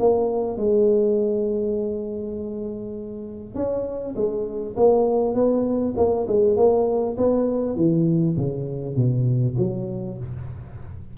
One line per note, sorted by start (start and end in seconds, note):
0.00 0.57 A#3
0.57 3.55 G#3
3.55 4.15 C#4
4.16 4.76 G#3
4.77 5.35 A#3
5.35 5.95 B3
5.97 6.27 A#3
6.28 6.57 G#3
6.57 7.17 A#3
7.18 7.76 B3
7.76 8.36 E3
8.37 8.96 C#3
8.96 9.56 B2
9.58 10.18 F#3